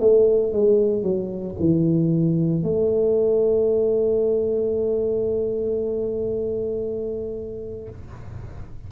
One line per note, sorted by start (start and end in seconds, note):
0.00 0.53 A3
0.53 1.03 G#3
1.03 1.56 F#3
1.59 2.63 E3
2.63 7.89 A3